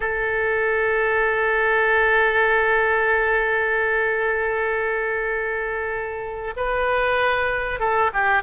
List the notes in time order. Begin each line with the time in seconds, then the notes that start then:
0.00 A4
6.56 B4
7.79 A4
8.13 G4